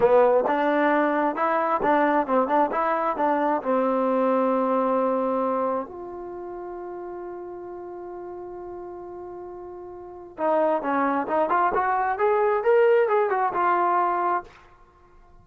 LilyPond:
\new Staff \with { instrumentName = "trombone" } { \time 4/4 \tempo 4 = 133 b4 d'2 e'4 | d'4 c'8 d'8 e'4 d'4 | c'1~ | c'4 f'2.~ |
f'1~ | f'2. dis'4 | cis'4 dis'8 f'8 fis'4 gis'4 | ais'4 gis'8 fis'8 f'2 | }